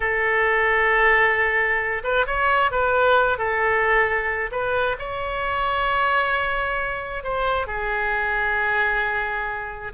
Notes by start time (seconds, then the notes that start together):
0.00 A4
2.03 B4
2.26 C#5
2.71 B4
3.37 A4
4.51 B4
4.98 C#5
7.23 C5
7.66 G#4